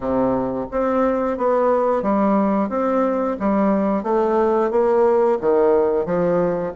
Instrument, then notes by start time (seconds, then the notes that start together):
bassoon
0.00 C3
0.71 C4
1.37 B3
2.02 G3
2.69 C4
3.39 G3
4.03 A3
4.70 A#3
5.41 D#3
6.05 F3